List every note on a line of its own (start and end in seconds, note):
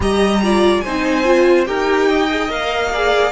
0.00 0.82 G3
0.00 0.41 G4
0.00 0.43 D#5
0.00 0.80 A#5
0.43 0.84 F4
0.43 0.84 D5
0.80 1.68 C4
0.80 1.24 D#4
0.80 1.67 C5
0.80 1.63 G#5
1.24 1.66 F4
1.66 2.49 D#4
1.66 2.28 G4
1.66 2.09 A#4
1.66 2.50 G5
2.09 2.91 D#5
2.29 2.49 G#4
2.49 3.31 A#3
2.49 2.91 A#4
2.49 3.31 F5
2.91 3.31 G#4
2.91 3.31 D5